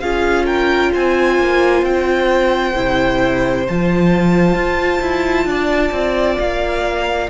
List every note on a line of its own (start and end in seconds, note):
0.00 0.93 C#4
0.00 2.74 F4
0.00 0.45 G#4
0.00 0.45 F5
0.45 0.91 A#4
0.45 0.92 G5
0.92 1.38 C4
0.92 5.47 C5
0.92 1.85 G#5
1.38 1.83 A#3
1.83 2.73 C4
1.83 3.66 G5
2.74 3.67 C3
2.74 3.65 E4
3.68 4.55 F3
3.68 7.29 F4
3.68 6.39 A5
4.55 5.00 F4
5.01 5.45 E4
5.45 5.91 D4
5.45 7.29 D5
5.92 6.37 C4
6.39 7.29 A#3
6.39 7.29 F5